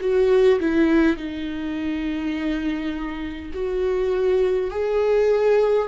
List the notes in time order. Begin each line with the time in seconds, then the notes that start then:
0.00 F#4
0.59 E4
1.16 D#4
3.53 F#4
4.70 G#4